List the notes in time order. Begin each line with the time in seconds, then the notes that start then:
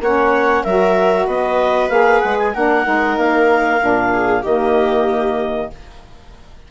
0.00 A#3 C#4 C#5 F#5
0.63 F#3 F#4 A#4 E5
1.26 B3 B4 D#5
1.89 A#3 G#4 F5
2.20 G#3 F#5
2.38 G#5
2.53 A#3 D4 A#4 F#5
2.84 G#3 D#4
3.17 A#3 F5
3.79 A#2 D4
4.13 G#4
4.42 D#3 A#3 G4 D#5